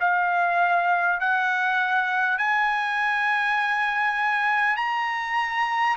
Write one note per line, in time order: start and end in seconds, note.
0.00 1.20 F5
1.20 2.38 F#5
2.38 4.76 G#5
4.76 5.96 A#5